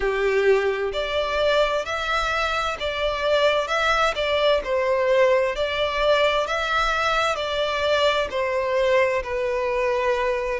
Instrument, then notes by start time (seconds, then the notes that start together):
violin
0.00 G4
0.92 D5
1.85 E5
2.79 D5
3.67 E5
4.15 D5
4.64 C5
5.55 D5
6.46 E5
7.35 D5
8.30 C5
9.23 B4